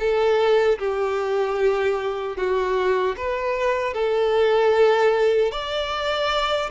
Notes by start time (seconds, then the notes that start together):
0.00 A4
0.79 G4
2.37 F#4
3.17 B4
3.94 A4
5.52 D5